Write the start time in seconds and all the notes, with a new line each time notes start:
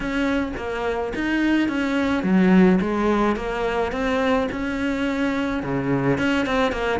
0.00 C#4
0.57 A#3
1.14 D#4
1.68 C#4
2.23 F#3
2.80 G#3
3.35 A#3
3.92 C4
4.51 C#4
5.62 C#3
6.18 C#4
6.45 C4
6.72 A#3